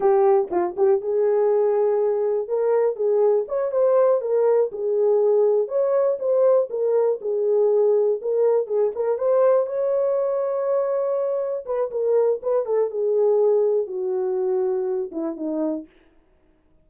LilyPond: \new Staff \with { instrumentName = "horn" } { \time 4/4 \tempo 4 = 121 g'4 f'8 g'8 gis'2~ | gis'4 ais'4 gis'4 cis''8 c''8~ | c''8 ais'4 gis'2 cis''8~ | cis''8 c''4 ais'4 gis'4.~ |
gis'8 ais'4 gis'8 ais'8 c''4 cis''8~ | cis''2.~ cis''8 b'8 | ais'4 b'8 a'8 gis'2 | fis'2~ fis'8 e'8 dis'4 | }